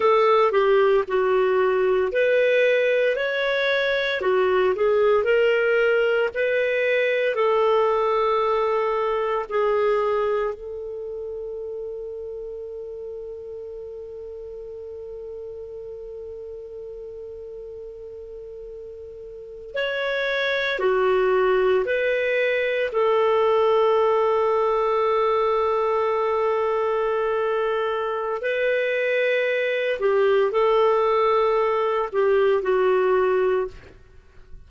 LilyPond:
\new Staff \with { instrumentName = "clarinet" } { \time 4/4 \tempo 4 = 57 a'8 g'8 fis'4 b'4 cis''4 | fis'8 gis'8 ais'4 b'4 a'4~ | a'4 gis'4 a'2~ | a'1~ |
a'2~ a'8. cis''4 fis'16~ | fis'8. b'4 a'2~ a'16~ | a'2. b'4~ | b'8 g'8 a'4. g'8 fis'4 | }